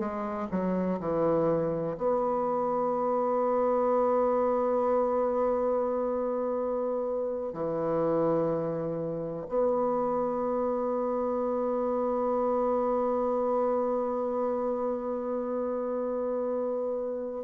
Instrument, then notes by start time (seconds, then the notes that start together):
bassoon
0.00 G#3
0.51 F#3
1.00 E3
1.98 B3
7.54 E3
9.49 B3